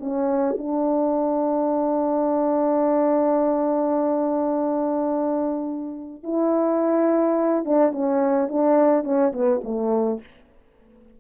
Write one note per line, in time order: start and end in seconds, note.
0.00 0.57 C#4
0.58 6.24 D4
6.24 7.65 E4
7.65 7.92 D4
7.92 8.49 C#4
8.49 9.04 D4
9.04 9.33 C#4
9.33 9.61 B3
9.64 10.21 A3